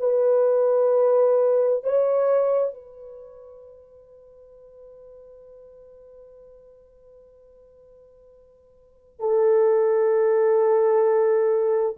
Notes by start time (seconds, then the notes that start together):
0.00 B4
1.84 C#5
2.75 B4
9.20 A4